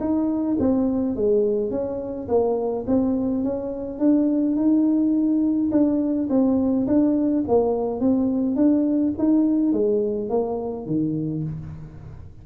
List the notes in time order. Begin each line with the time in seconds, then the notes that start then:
0.00 D#4
0.59 C4
1.16 G#3
1.71 C#4
2.28 A#3
2.87 C4
3.44 C#4
3.99 D4
4.56 D#4
5.71 D4
6.29 C4
6.87 D4
7.48 A#3
8.00 C4
8.56 D4
9.18 D#4
9.72 G#3
10.29 A#3
10.86 D#3